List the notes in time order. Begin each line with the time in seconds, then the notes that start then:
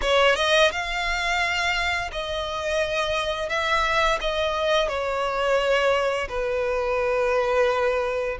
0.01 C#5
0.35 D#5
0.71 F5
2.12 D#5
3.49 E5
4.20 D#5
4.88 C#5
6.29 B4